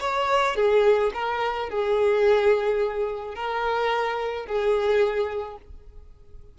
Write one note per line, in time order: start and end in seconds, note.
0.00 0.56 C#5
0.56 1.11 G#4
1.14 1.69 A#4
1.69 3.35 G#4
3.35 4.46 A#4
4.46 5.57 G#4